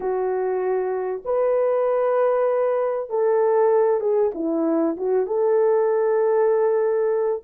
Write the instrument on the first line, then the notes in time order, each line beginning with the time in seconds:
horn
0.00 F#4
1.24 B4
3.09 A4
4.00 G#4
4.34 E4
4.97 F#4
5.26 A4